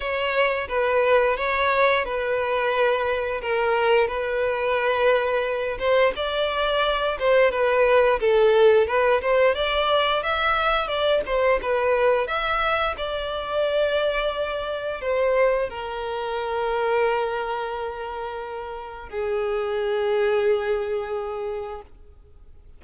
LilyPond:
\new Staff \with { instrumentName = "violin" } { \time 4/4 \tempo 4 = 88 cis''4 b'4 cis''4 b'4~ | b'4 ais'4 b'2~ | b'8 c''8 d''4. c''8 b'4 | a'4 b'8 c''8 d''4 e''4 |
d''8 c''8 b'4 e''4 d''4~ | d''2 c''4 ais'4~ | ais'1 | gis'1 | }